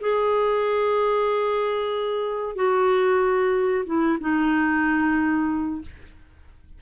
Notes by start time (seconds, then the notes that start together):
0.00 G#4
2.55 F#4
3.85 E4
4.20 D#4